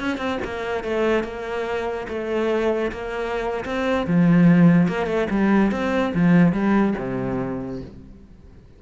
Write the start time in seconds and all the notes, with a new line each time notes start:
0.00 C#4
0.18 C4
0.45 A#3
0.84 A3
1.24 A#3
2.09 A3
2.92 A#3
3.65 C4
4.07 F3
4.88 A#3
5.07 A3
5.30 G3
5.72 C4
6.15 F3
6.53 G3
6.98 C3